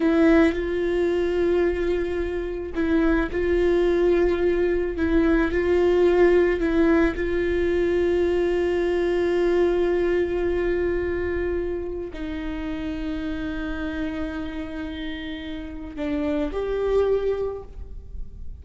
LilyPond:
\new Staff \with { instrumentName = "viola" } { \time 4/4 \tempo 4 = 109 e'4 f'2.~ | f'4 e'4 f'2~ | f'4 e'4 f'2 | e'4 f'2.~ |
f'1~ | f'2 dis'2~ | dis'1~ | dis'4 d'4 g'2 | }